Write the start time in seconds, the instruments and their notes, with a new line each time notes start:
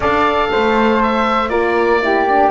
0.00 double bass D4, horn A4, flute D5, oboe F5
0.51 double bass A3, flute C5
1.03 oboe E5
1.49 double bass A#3, horn F4, flute A#4, oboe D5
2.02 horn E4, flute G4
2.28 horn D4